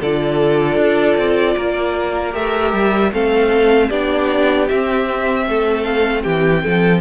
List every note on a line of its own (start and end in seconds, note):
0.00 0.77 D3
0.00 2.33 F4
0.00 1.56 A4
0.00 2.35 D5
0.77 1.16 D4
1.17 1.56 C4
1.56 2.35 A#3
1.56 3.12 A#4
2.33 2.73 A3
2.33 3.11 G4
2.33 3.13 E5
2.73 3.12 G3
3.13 3.91 A3
3.13 3.91 C4
3.13 3.90 A4
3.13 3.90 F5
3.90 4.69 B3
3.90 4.69 D4
3.90 5.46 G4
3.90 4.68 D5
4.69 7.02 C4
4.69 5.47 C4
4.69 5.84 E5
5.47 6.25 A3
5.47 6.24 A4
5.84 6.23 F5
6.23 6.65 E3
6.23 6.63 G4
6.23 7.01 G5
6.63 7.02 F3
6.63 7.02 A4